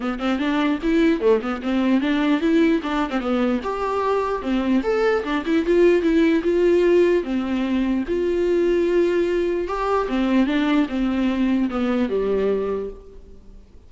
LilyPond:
\new Staff \with { instrumentName = "viola" } { \time 4/4 \tempo 4 = 149 b8 c'8 d'4 e'4 a8 b8 | c'4 d'4 e'4 d'8. c'16 | b4 g'2 c'4 | a'4 d'8 e'8 f'4 e'4 |
f'2 c'2 | f'1 | g'4 c'4 d'4 c'4~ | c'4 b4 g2 | }